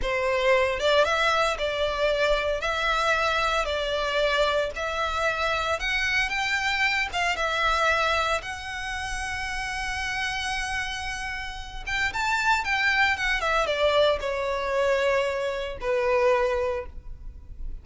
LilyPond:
\new Staff \with { instrumentName = "violin" } { \time 4/4 \tempo 4 = 114 c''4. d''8 e''4 d''4~ | d''4 e''2 d''4~ | d''4 e''2 fis''4 | g''4. f''8 e''2 |
fis''1~ | fis''2~ fis''8 g''8 a''4 | g''4 fis''8 e''8 d''4 cis''4~ | cis''2 b'2 | }